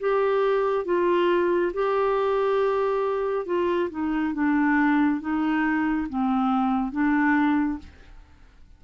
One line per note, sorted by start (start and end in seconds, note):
0.00 0.85 G4
0.85 1.72 F4
1.74 3.46 G4
3.46 3.90 F4
3.91 4.34 D#4
4.34 5.21 D4
5.21 6.08 D#4
6.09 6.92 C4
6.92 7.79 D4